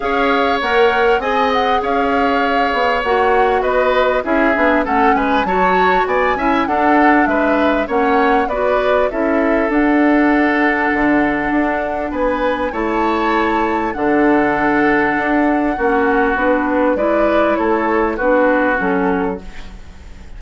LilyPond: <<
  \new Staff \with { instrumentName = "flute" } { \time 4/4 \tempo 4 = 99 f''4 fis''4 gis''8 fis''8 f''4~ | f''4 fis''4 dis''4 e''4 | fis''8 gis''8 a''4 gis''4 fis''4 | e''4 fis''4 d''4 e''4 |
fis''1 | gis''4 a''2 fis''4~ | fis''2. b'4 | d''4 cis''4 b'4 a'4 | }
  \new Staff \with { instrumentName = "oboe" } { \time 4/4 cis''2 dis''4 cis''4~ | cis''2 b'4 gis'4 | a'8 b'8 cis''4 d''8 e''8 a'4 | b'4 cis''4 b'4 a'4~ |
a'1 | b'4 cis''2 a'4~ | a'2 fis'2 | b'4 a'4 fis'2 | }
  \new Staff \with { instrumentName = "clarinet" } { \time 4/4 gis'4 ais'4 gis'2~ | gis'4 fis'2 e'8 d'8 | cis'4 fis'4. e'8 d'4~ | d'4 cis'4 fis'4 e'4 |
d'1~ | d'4 e'2 d'4~ | d'2 cis'4 d'4 | e'2 d'4 cis'4 | }
  \new Staff \with { instrumentName = "bassoon" } { \time 4/4 cis'4 ais4 c'4 cis'4~ | cis'8 b8 ais4 b4 cis'8 b8 | a8 gis8 fis4 b8 cis'8 d'4 | gis4 ais4 b4 cis'4 |
d'2 d4 d'4 | b4 a2 d4~ | d4 d'4 ais4 b4 | gis4 a4 b4 fis4 | }
>>